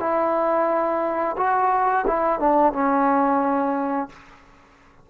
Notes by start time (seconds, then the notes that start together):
0.00 E4
1.38 F#4
2.07 E4
2.40 D4
2.73 C#4